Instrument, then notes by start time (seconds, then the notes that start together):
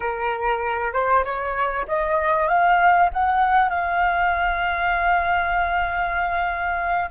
flute
0.00 A#4
0.93 C5
1.24 C#5
1.87 D#5
2.47 F5
3.13 F#5
3.69 F5